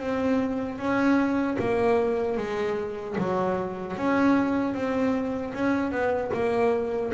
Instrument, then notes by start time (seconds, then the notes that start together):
double bass
0.00 C4
0.79 C#4
1.59 A#3
2.38 G#3
3.18 F#3
3.97 C#4
4.74 C4
5.54 C#4
5.92 B3
6.34 A#3